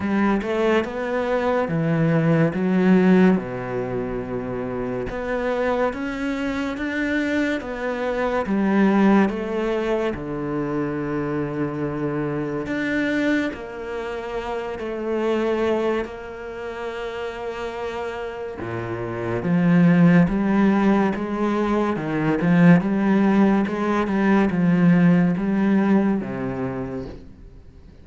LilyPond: \new Staff \with { instrumentName = "cello" } { \time 4/4 \tempo 4 = 71 g8 a8 b4 e4 fis4 | b,2 b4 cis'4 | d'4 b4 g4 a4 | d2. d'4 |
ais4. a4. ais4~ | ais2 ais,4 f4 | g4 gis4 dis8 f8 g4 | gis8 g8 f4 g4 c4 | }